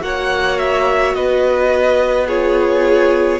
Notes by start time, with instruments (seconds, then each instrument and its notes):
0.00 cello A#3, viola F#4, violin C#5 F#5
0.58 violin E5
1.13 cello B3, violin B4 D#5
2.26 viola F4, violin G#4 C#5